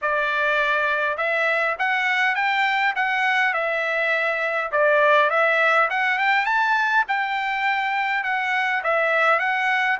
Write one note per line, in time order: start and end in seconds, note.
0.01 1.17 D5
1.17 1.76 E5
1.78 2.35 F#5
2.35 2.94 G5
2.95 3.53 F#5
3.53 4.71 E5
4.71 5.29 D5
5.29 5.88 E5
5.90 6.18 F#5
6.18 6.45 G5
6.45 7.04 A5
7.07 8.23 G5
8.23 8.82 F#5
8.83 9.39 E5
9.39 9.98 F#5